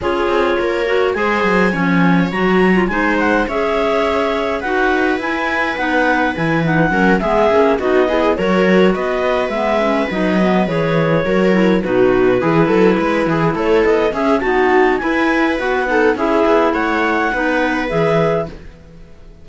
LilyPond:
<<
  \new Staff \with { instrumentName = "clarinet" } { \time 4/4 \tempo 4 = 104 cis''2 gis''2 | ais''4 gis''8 fis''8 e''2 | fis''4 gis''4 fis''4 gis''8 fis''8~ | fis''8 e''4 dis''4 cis''4 dis''8~ |
dis''8 e''4 dis''4 cis''4.~ | cis''8 b'2. cis''8 | dis''8 e''8 a''4 gis''4 fis''4 | e''4 fis''2 e''4 | }
  \new Staff \with { instrumentName = "viola" } { \time 4/4 gis'4 ais'4 c''4 cis''4~ | cis''4 c''4 cis''2 | b'1 | ais'8 gis'4 fis'8 gis'8 ais'4 b'8~ |
b'2.~ b'8 ais'8~ | ais'8 fis'4 gis'8 a'8 b'8 gis'8 a'8~ | a'8 gis'8 fis'4 b'4. a'8 | gis'4 cis''4 b'2 | }
  \new Staff \with { instrumentName = "clarinet" } { \time 4/4 f'4. fis'8 gis'4 cis'4 | fis'8. f'16 dis'4 gis'2 | fis'4 e'4 dis'4 e'8 dis'8 | cis'8 b8 cis'8 dis'8 e'8 fis'4.~ |
fis'8 b8 cis'8 dis'8 b8 gis'4 fis'8 | e'8 dis'4 e'2~ e'8~ | e'8 cis'8 b4 e'4 fis'8 dis'8 | e'2 dis'4 gis'4 | }
  \new Staff \with { instrumentName = "cello" } { \time 4/4 cis'8 c'8 ais4 gis8 fis8 f4 | fis4 gis4 cis'2 | dis'4 e'4 b4 e4 | fis8 gis8 ais8 b4 fis4 b8~ |
b8 gis4 fis4 e4 fis8~ | fis8 b,4 e8 fis8 gis8 e8 a8 | b8 cis'8 dis'4 e'4 b4 | cis'8 b8 a4 b4 e4 | }
>>